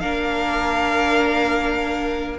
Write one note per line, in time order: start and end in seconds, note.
0.00 2.39 A#3
0.00 2.39 D4
0.00 2.39 A#4
0.00 2.38 F5